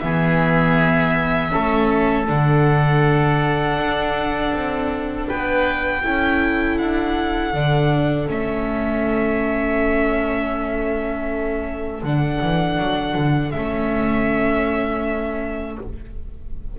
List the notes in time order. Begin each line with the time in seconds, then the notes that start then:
0.00 E3 B3 G#4 E5
1.51 A3 C#4 A4
2.27 D3 D4 F#5
3.77 D4
4.53 C4
5.28 B3 B4 G5
6.03 C#4 E4 A4
6.78 D4 F#5
7.53 D3 D4
8.28 A3 C#4 E5
12.03 D3 D4 F#5
12.42 E3
12.79 F#3
13.15 D3
13.51 A3 C#4 E5